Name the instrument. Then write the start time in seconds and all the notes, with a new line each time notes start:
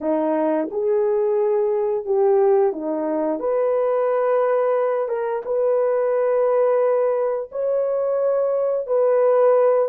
horn
0.00 D#4
0.71 G#4
2.05 G4
2.72 D#4
3.39 B4
5.08 A#4
5.45 B4
7.51 C#5
8.86 B4